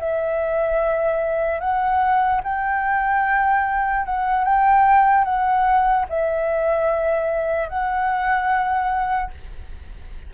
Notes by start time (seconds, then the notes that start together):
0.00 E5
1.60 F#5
2.44 G5
4.06 F#5
4.45 G5
5.25 F#5
6.10 E5
7.69 F#5